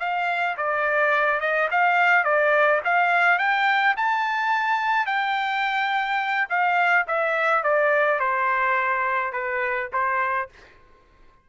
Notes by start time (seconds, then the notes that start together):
0.00 F5
0.57 D5
1.40 D#5
1.72 F5
2.25 D5
2.85 F5
3.39 G5
3.97 A5
5.07 G5
6.50 F5
7.08 E5
7.64 D5
8.20 C5
9.33 B4
9.93 C5